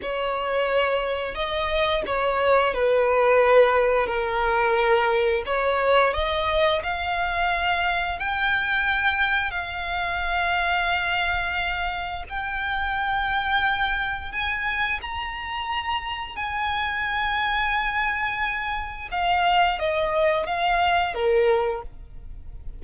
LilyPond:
\new Staff \with { instrumentName = "violin" } { \time 4/4 \tempo 4 = 88 cis''2 dis''4 cis''4 | b'2 ais'2 | cis''4 dis''4 f''2 | g''2 f''2~ |
f''2 g''2~ | g''4 gis''4 ais''2 | gis''1 | f''4 dis''4 f''4 ais'4 | }